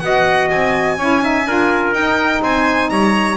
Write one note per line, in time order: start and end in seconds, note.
0.00 0.50 B3
0.00 0.98 F#4
0.00 0.99 D#5
0.00 0.48 F#5
0.51 0.99 C4
0.51 1.94 G#5
0.99 1.46 C#4
0.99 1.22 E4
0.99 1.23 C#5
1.22 1.46 D#4
1.22 1.48 E5
1.46 1.93 D4
1.46 1.95 F4
1.46 2.43 A#4
1.93 2.41 D#4
1.93 3.38 D#4
1.93 2.42 G5
2.42 2.90 C4
2.42 2.91 C5
2.42 2.90 G#5
2.90 3.38 G3
2.90 3.38 C#5
2.90 3.38 A#5